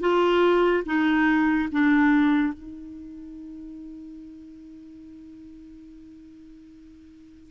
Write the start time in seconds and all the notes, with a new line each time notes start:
0.00 F4
0.86 D#4
1.72 D4
2.53 D#4